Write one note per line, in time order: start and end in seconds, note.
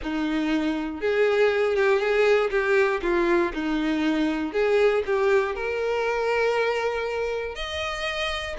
0.02 1.00 D#4
1.00 1.76 G#4
1.76 1.99 G4
1.99 2.50 G#4
2.50 3.00 G4
3.01 3.52 F4
3.53 4.52 D#4
4.52 5.03 G#4
5.06 5.55 G4
5.55 7.55 A#4
7.55 8.56 D#5